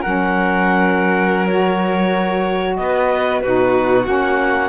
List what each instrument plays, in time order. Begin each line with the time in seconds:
0.00 saxophone C#4, violin A#4, clarinet F#5
0.06 cello F#3
1.47 saxophone F#4, clarinet C#5
2.76 cello B3, violin B4, clarinet D#5
3.40 cello B2, saxophone D#4, violin F#4, clarinet B4
4.05 cello A#3, saxophone C#4, clarinet F#5